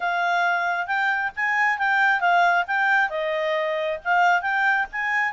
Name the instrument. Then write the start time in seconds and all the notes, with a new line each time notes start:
clarinet
0.00 F5
0.86 G5
1.36 G#5
1.78 G5
2.20 F5
2.67 G5
3.09 D#5
4.04 F5
4.41 G5
4.92 G#5